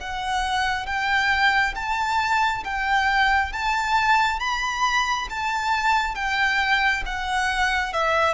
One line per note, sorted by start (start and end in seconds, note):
0.00 0.86 F#5
0.86 1.74 G5
1.75 2.64 A5
2.64 3.52 G5
3.52 4.40 A5
4.40 5.28 B5
5.29 6.15 A5
6.15 7.03 G5
7.06 7.93 F#5
7.93 8.34 E5